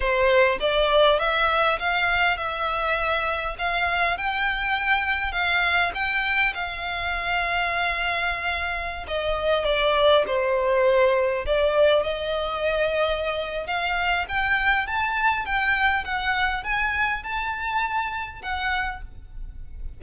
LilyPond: \new Staff \with { instrumentName = "violin" } { \time 4/4 \tempo 4 = 101 c''4 d''4 e''4 f''4 | e''2 f''4 g''4~ | g''4 f''4 g''4 f''4~ | f''2.~ f''16 dis''8.~ |
dis''16 d''4 c''2 d''8.~ | d''16 dis''2~ dis''8. f''4 | g''4 a''4 g''4 fis''4 | gis''4 a''2 fis''4 | }